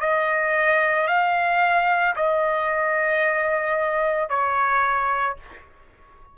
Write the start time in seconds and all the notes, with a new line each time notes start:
0.00 D#5
1.07 F5
2.15 D#5
4.29 C#5